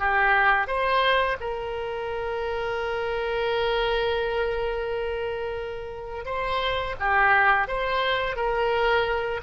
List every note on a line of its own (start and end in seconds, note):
0.00 0.68 G4
0.68 1.37 C5
1.41 6.26 A#4
6.26 6.95 C5
7.00 7.68 G4
7.68 8.37 C5
8.37 9.41 A#4